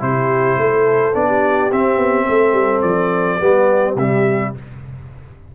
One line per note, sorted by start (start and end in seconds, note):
0.00 0.58 C3
0.00 1.13 E4
0.00 0.60 G4
0.00 1.15 C5
0.58 1.14 A3
0.58 1.27 A4
1.14 1.72 B3
1.14 1.71 D4
1.14 1.72 D5
1.27 2.26 G4
1.72 1.97 C4
1.72 3.40 C4
1.72 2.82 E5
1.97 2.25 B3
2.27 2.53 A3
2.27 3.40 A4
2.53 2.81 G3
2.82 3.40 F3
2.82 3.95 D5
3.40 3.96 G3
3.40 3.97 B3
3.40 4.54 G4
3.96 4.53 C3
3.96 4.55 G3
3.96 4.55 E5